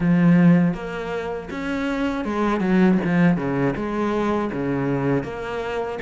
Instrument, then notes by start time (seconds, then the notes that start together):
cello
0.00 F3
0.74 A#3
1.50 C#4
2.24 G#3
2.60 F#3
3.04 F3
3.36 C#3
3.75 G#3
4.52 C#3
5.23 A#3